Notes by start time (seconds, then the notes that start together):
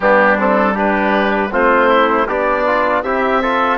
0.00 G3 B3 D4 G4
0.37 C4 A4
0.74 D4 G4 B4
1.51 A3 C4 F4 C5
1.89 E4
2.26 B3 D4 G4 D5
2.66 F4
3.02 C4 E4 G4 E5
3.42 F4 A4